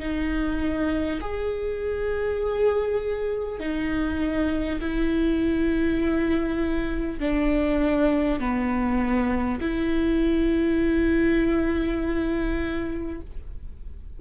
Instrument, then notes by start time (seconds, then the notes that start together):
viola
0.00 D#4
1.21 G#4
3.60 D#4
4.81 E4
7.20 D4
8.40 B3
9.61 E4